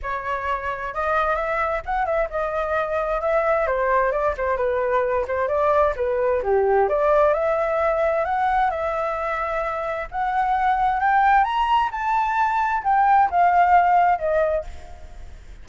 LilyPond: \new Staff \with { instrumentName = "flute" } { \time 4/4 \tempo 4 = 131 cis''2 dis''4 e''4 | fis''8 e''8 dis''2 e''4 | c''4 d''8 c''8 b'4. c''8 | d''4 b'4 g'4 d''4 |
e''2 fis''4 e''4~ | e''2 fis''2 | g''4 ais''4 a''2 | g''4 f''2 dis''4 | }